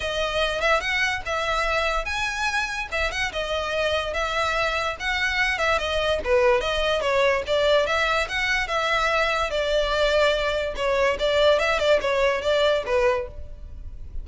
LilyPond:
\new Staff \with { instrumentName = "violin" } { \time 4/4 \tempo 4 = 145 dis''4. e''8 fis''4 e''4~ | e''4 gis''2 e''8 fis''8 | dis''2 e''2 | fis''4. e''8 dis''4 b'4 |
dis''4 cis''4 d''4 e''4 | fis''4 e''2 d''4~ | d''2 cis''4 d''4 | e''8 d''8 cis''4 d''4 b'4 | }